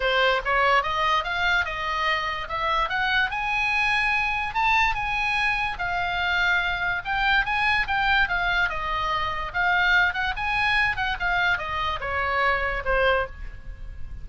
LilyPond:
\new Staff \with { instrumentName = "oboe" } { \time 4/4 \tempo 4 = 145 c''4 cis''4 dis''4 f''4 | dis''2 e''4 fis''4 | gis''2. a''4 | gis''2 f''2~ |
f''4 g''4 gis''4 g''4 | f''4 dis''2 f''4~ | f''8 fis''8 gis''4. fis''8 f''4 | dis''4 cis''2 c''4 | }